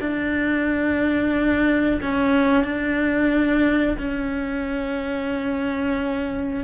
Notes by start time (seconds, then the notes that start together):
0.00 D4
2.02 C#4
2.64 D4
3.98 C#4